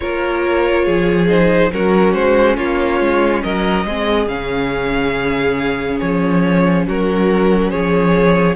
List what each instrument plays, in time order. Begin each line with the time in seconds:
0.00 cello A#3, viola F4, violin A#4 C#5
0.84 cello F3, violin G#4
1.27 viola D#4, violin C5
1.72 cello F#3, viola C#4, violin F#4 A#4
2.13 cello G#3, violin C5
2.56 cello A#3, violin F4 C#5
3.00 cello G#3
3.42 cello F#3, violin A#4 D#5
3.84 cello G#3, viola C4, violin G#4
4.27 cello C#3, viola C#4, violin F5
5.99 cello F3, violin C#5
6.86 cello F#3, violin F#4 A#4
7.71 cello F3, violin G#4 C#5